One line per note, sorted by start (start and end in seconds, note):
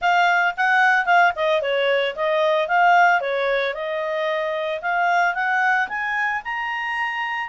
0.01 0.54 F5
0.56 1.05 F#5
1.05 1.32 F5
1.35 1.61 D#5
1.61 2.15 C#5
2.15 2.68 D#5
2.68 3.20 F5
3.20 3.74 C#5
3.74 4.81 D#5
4.81 5.34 F5
5.34 5.88 F#5
5.88 6.42 G#5
6.44 7.48 A#5